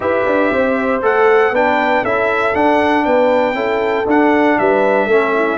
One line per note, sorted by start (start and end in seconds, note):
0.00 0.23 E4
0.00 1.00 G4
0.00 0.52 B4
0.00 1.02 E5
0.26 0.51 D4
0.51 1.02 C4
0.51 1.53 C5
1.02 1.51 A3
1.02 1.52 A4
1.02 1.55 F#5
1.51 2.02 B3
1.51 2.05 D4
1.51 2.02 B4
1.51 2.04 G5
2.02 2.54 C#4
2.02 2.53 E4
2.02 3.04 A4
2.02 2.55 E5
2.53 3.54 D4
2.53 3.05 D4
2.53 3.04 F#5
3.04 3.54 B3
3.04 3.55 B4
3.04 4.06 G5
3.54 4.05 C#4
3.54 4.05 E4
3.54 4.57 A4
4.06 4.57 D4
4.06 5.10 D4
4.06 4.58 F#5
4.58 5.06 G3
4.58 5.06 B4
4.58 5.58 E5
5.06 5.57 A3
5.06 5.58 C#4
5.06 5.32 A4
5.35 5.58 E4